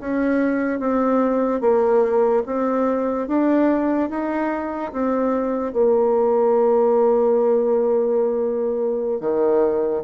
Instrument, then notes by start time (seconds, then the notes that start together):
bassoon
0.00 C#4
0.80 C4
1.61 A#3
2.46 C4
3.28 D4
4.10 D#4
4.93 C4
5.73 A#3
9.21 D#3